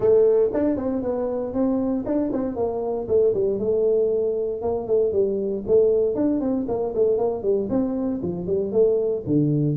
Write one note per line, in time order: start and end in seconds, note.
0.00 0.50 A3
0.53 0.76 D4
0.76 1.02 C4
1.02 1.53 B3
1.53 2.04 C4
2.05 2.31 D4
2.32 2.56 C4
2.56 3.07 A#3
3.08 3.33 A3
3.34 3.59 G3
3.59 4.61 A3
4.61 4.87 A#3
4.87 5.12 A3
5.12 5.63 G3
5.67 6.15 A3
6.15 6.40 D4
6.40 6.65 C4
6.68 6.93 A#3
6.94 7.18 A3
7.18 7.42 A#3
7.42 7.68 G3
7.69 8.20 C4
8.22 8.47 F3
8.47 8.72 G3
8.72 9.23 A3
9.26 9.76 D3